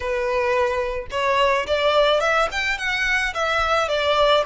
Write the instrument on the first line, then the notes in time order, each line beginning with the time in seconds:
violin
0.00 B4
1.10 C#5
1.66 D5
2.20 E5
2.51 G5
2.78 F#5
3.33 E5
3.88 D5